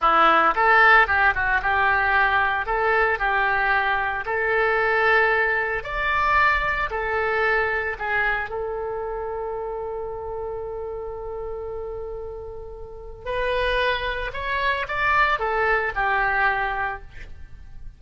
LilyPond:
\new Staff \with { instrumentName = "oboe" } { \time 4/4 \tempo 4 = 113 e'4 a'4 g'8 fis'8 g'4~ | g'4 a'4 g'2 | a'2. d''4~ | d''4 a'2 gis'4 |
a'1~ | a'1~ | a'4 b'2 cis''4 | d''4 a'4 g'2 | }